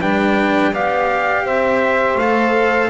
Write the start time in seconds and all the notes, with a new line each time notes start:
0.00 G3 D4 B4 G5
0.72 B3 G4 D5 F5
1.45 C4 C5 E5
2.15 A3 A4 F5